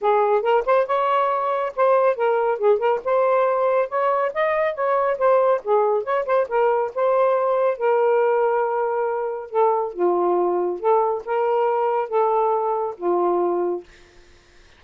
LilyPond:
\new Staff \with { instrumentName = "saxophone" } { \time 4/4 \tempo 4 = 139 gis'4 ais'8 c''8 cis''2 | c''4 ais'4 gis'8 ais'8 c''4~ | c''4 cis''4 dis''4 cis''4 | c''4 gis'4 cis''8 c''8 ais'4 |
c''2 ais'2~ | ais'2 a'4 f'4~ | f'4 a'4 ais'2 | a'2 f'2 | }